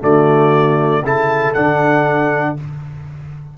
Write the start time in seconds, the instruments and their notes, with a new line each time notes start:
0.00 tuba D3, trombone A3, horn F#4, trumpet D5
1.02 tuba C#3, trombone E4, horn A4, trumpet A5
1.54 tuba D3, trombone D4, trumpet F#5